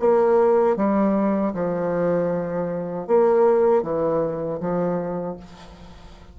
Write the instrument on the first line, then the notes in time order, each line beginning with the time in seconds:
bassoon
0.00 A#3
0.77 G3
1.53 F3
3.07 A#3
3.83 E3
4.60 F3